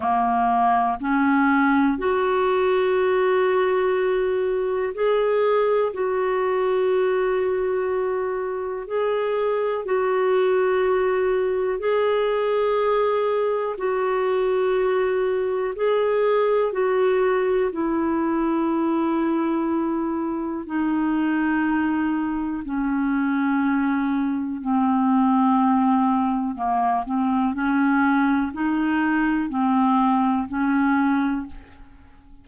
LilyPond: \new Staff \with { instrumentName = "clarinet" } { \time 4/4 \tempo 4 = 61 ais4 cis'4 fis'2~ | fis'4 gis'4 fis'2~ | fis'4 gis'4 fis'2 | gis'2 fis'2 |
gis'4 fis'4 e'2~ | e'4 dis'2 cis'4~ | cis'4 c'2 ais8 c'8 | cis'4 dis'4 c'4 cis'4 | }